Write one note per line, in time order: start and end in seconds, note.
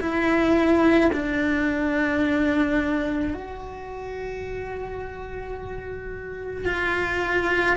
0.00 1.11 E4
1.13 3.34 D4
3.34 6.66 F#4
6.66 7.77 F4